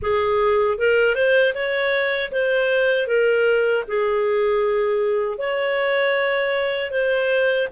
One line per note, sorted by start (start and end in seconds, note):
0.01 0.78 G#4
0.78 1.15 A#4
1.15 1.53 C5
1.54 2.31 C#5
2.31 3.07 C5
3.07 3.84 A#4
3.87 5.38 G#4
5.38 6.91 C#5
6.91 7.67 C5